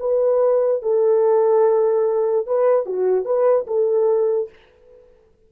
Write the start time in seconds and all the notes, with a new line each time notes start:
0.00 B4
0.82 A4
2.47 B4
2.86 F#4
3.25 B4
3.67 A4